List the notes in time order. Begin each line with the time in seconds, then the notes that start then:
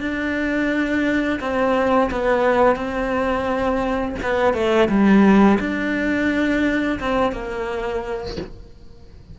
0.00 D4
1.40 C4
2.11 B3
2.76 C4
4.23 B3
4.54 A3
4.89 G3
5.60 D4
7.00 C4
7.32 A#3